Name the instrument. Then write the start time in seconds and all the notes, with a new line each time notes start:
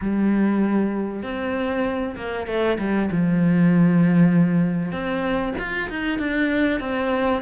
cello
0.01 G3
1.23 C4
2.16 A#3
2.47 A3
2.78 G3
3.11 F3
4.91 C4
5.58 F4
5.89 D#4
6.19 D4
6.80 C4